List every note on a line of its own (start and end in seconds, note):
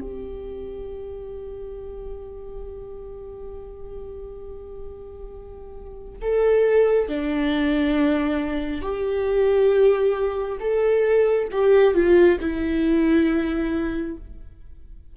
0.00 6.18 G4
6.22 7.08 A4
7.08 8.82 D4
8.82 10.58 G4
10.60 11.48 A4
11.51 11.94 G4
11.94 12.39 F4
12.40 14.17 E4